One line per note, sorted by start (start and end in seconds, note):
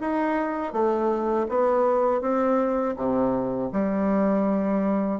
0.00 0.72 D#4
0.72 1.46 A3
1.48 2.21 B3
2.21 2.95 C4
2.96 3.70 C3
3.72 5.20 G3